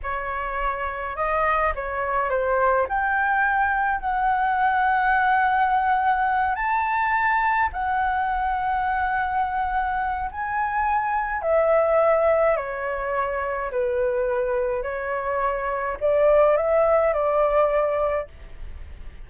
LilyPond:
\new Staff \with { instrumentName = "flute" } { \time 4/4 \tempo 4 = 105 cis''2 dis''4 cis''4 | c''4 g''2 fis''4~ | fis''2.~ fis''8 a''8~ | a''4. fis''2~ fis''8~ |
fis''2 gis''2 | e''2 cis''2 | b'2 cis''2 | d''4 e''4 d''2 | }